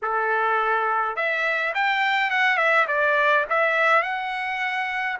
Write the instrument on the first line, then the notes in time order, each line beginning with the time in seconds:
trumpet
0.02 A4
1.16 E5
1.74 G5
2.30 F#5
2.57 E5
2.87 D5
3.49 E5
4.02 F#5